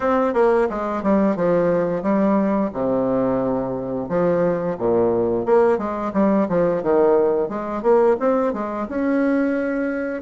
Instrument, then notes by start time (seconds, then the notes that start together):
bassoon
0.00 C4
0.33 A#3
0.69 G#3
1.02 G3
1.36 F3
2.02 G3
2.73 C3
4.08 F3
4.78 A#2
5.45 A#3
5.78 G#3
6.13 G3
6.48 F3
6.82 D#3
7.48 G#3
7.82 A#3
8.19 C4
8.53 G#3
8.88 C#4